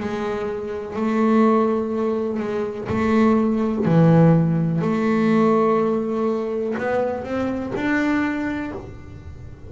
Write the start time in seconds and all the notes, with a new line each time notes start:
0.00 G#3
0.96 A3
2.40 G#3
2.89 A3
3.85 E3
4.82 A3
6.78 B3
7.24 C4
7.76 D4